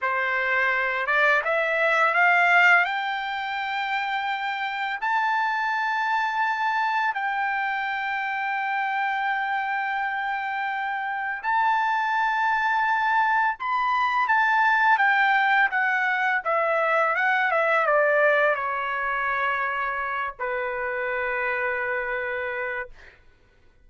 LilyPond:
\new Staff \with { instrumentName = "trumpet" } { \time 4/4 \tempo 4 = 84 c''4. d''8 e''4 f''4 | g''2. a''4~ | a''2 g''2~ | g''1 |
a''2. b''4 | a''4 g''4 fis''4 e''4 | fis''8 e''8 d''4 cis''2~ | cis''8 b'2.~ b'8 | }